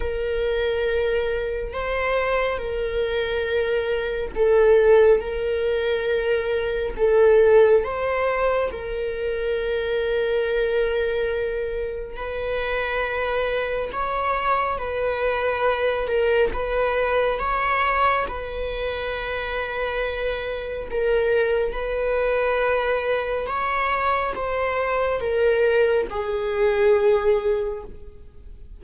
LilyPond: \new Staff \with { instrumentName = "viola" } { \time 4/4 \tempo 4 = 69 ais'2 c''4 ais'4~ | ais'4 a'4 ais'2 | a'4 c''4 ais'2~ | ais'2 b'2 |
cis''4 b'4. ais'8 b'4 | cis''4 b'2. | ais'4 b'2 cis''4 | c''4 ais'4 gis'2 | }